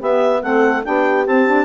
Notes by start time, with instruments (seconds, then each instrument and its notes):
0.00 bassoon B3, saxophone B3, horn G4, clarinet E5
0.42 bassoon A3, saxophone C4, horn A4, clarinet F#5
0.83 bassoon B3, saxophone D4, horn G4, clarinet G5
1.26 bassoon C4, saxophone C4, clarinet A5
1.47 saxophone D4